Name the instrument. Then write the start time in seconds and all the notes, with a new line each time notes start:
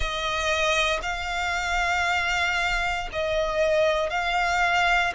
violin
0.00 D#5
1.02 F5
3.12 D#5
4.10 F5